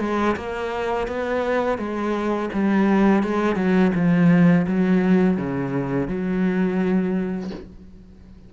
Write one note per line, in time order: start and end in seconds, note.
0.00 0.36 G#3
0.36 1.07 A#3
1.07 1.78 B3
1.78 2.50 G#3
2.53 3.23 G3
3.23 3.56 G#3
3.56 3.92 F#3
3.95 4.67 F3
4.67 5.38 F#3
5.38 6.08 C#3
6.08 7.51 F#3